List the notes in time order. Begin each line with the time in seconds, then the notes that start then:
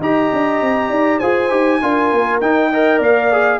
0.00 D#4 G4 D#5 A#5
0.33 D4
0.61 C4
0.90 D#4 D5
1.20 F4 G#4 C5 G#5
1.50 D#4 G4
1.82 D4 F4 A#4
2.12 A#3
2.41 D#4 G5
2.70 A#4 D#5
2.98 A#3 D5 F5
3.32 G#4